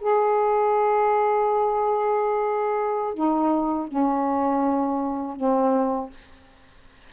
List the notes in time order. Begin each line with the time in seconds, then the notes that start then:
0.00 G#4
3.14 D#4
3.88 C#4
5.36 C4